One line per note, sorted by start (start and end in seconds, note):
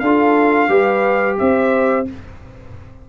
0.00 0.69 D4
0.00 0.69 F4
0.00 0.69 A4
0.00 1.36 F5
0.69 1.37 G3
0.69 2.06 G4
0.69 1.37 B4
1.39 2.09 C4
1.39 2.09 C5
1.39 2.07 E5